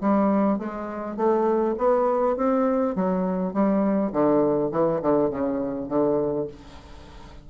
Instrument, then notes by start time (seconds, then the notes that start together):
bassoon
0.00 G3
0.58 G#3
1.16 A3
1.77 B3
2.36 C4
2.95 F#3
3.53 G3
4.12 D3
4.71 E3
5.02 D3
5.30 C#3
5.88 D3